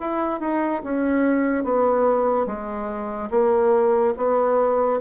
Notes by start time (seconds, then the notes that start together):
0.00 E4
0.40 D#4
0.84 C#4
1.64 B3
2.46 G#3
3.31 A#3
4.17 B3